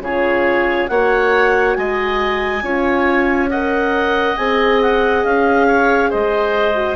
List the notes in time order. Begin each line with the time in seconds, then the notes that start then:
0.00 C#3 F4 G#4 C#5
0.88 A#3 F#4 C#5 F#5
1.75 G#3 D#5 G#5
2.62 C#4 F4 C#5
3.50 A#4 D#5 F#5
4.37 C4 G#4 G#5
4.82 F#5
5.24 C#4 F5
5.68 C#5
6.10 G#3 C5 D#5
6.75 F#4